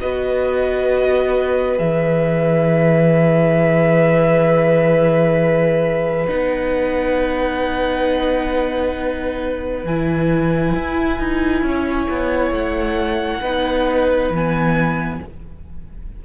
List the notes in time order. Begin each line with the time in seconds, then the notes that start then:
0.00 B3 F#4 B4 D#5
1.77 E3 G#4 E5
6.27 B3 D#4 F#5
9.84 E3 E4 G#5
10.75 E4
11.19 D#4
11.62 C#4 C#5
12.09 B3
12.51 A3 F#5
13.40 B3 D#4 B4
14.29 E3 B3 G#5